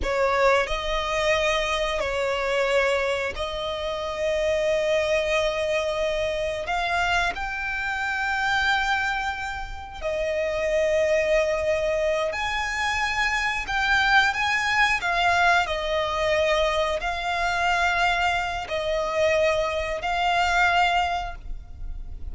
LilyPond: \new Staff \with { instrumentName = "violin" } { \time 4/4 \tempo 4 = 90 cis''4 dis''2 cis''4~ | cis''4 dis''2.~ | dis''2 f''4 g''4~ | g''2. dis''4~ |
dis''2~ dis''8 gis''4.~ | gis''8 g''4 gis''4 f''4 dis''8~ | dis''4. f''2~ f''8 | dis''2 f''2 | }